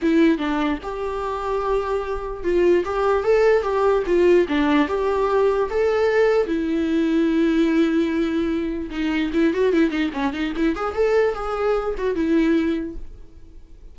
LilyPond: \new Staff \with { instrumentName = "viola" } { \time 4/4 \tempo 4 = 148 e'4 d'4 g'2~ | g'2 f'4 g'4 | a'4 g'4 f'4 d'4 | g'2 a'2 |
e'1~ | e'2 dis'4 e'8 fis'8 | e'8 dis'8 cis'8 dis'8 e'8 gis'8 a'4 | gis'4. fis'8 e'2 | }